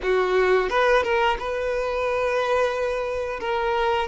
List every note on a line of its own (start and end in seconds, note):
0.02 0.69 F#4
0.69 1.03 B4
1.03 1.37 A#4
1.39 3.39 B4
3.39 4.07 A#4